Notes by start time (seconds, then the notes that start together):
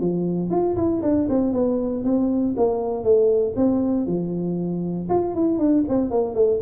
0.00 F3
0.50 F4
0.76 E4
1.02 D4
1.29 C4
1.53 B3
2.04 C4
2.57 A#3
3.03 A3
3.56 C4
4.06 F3
5.09 F4
5.35 E4
5.58 D4
5.88 C4
6.10 A#3
6.34 A3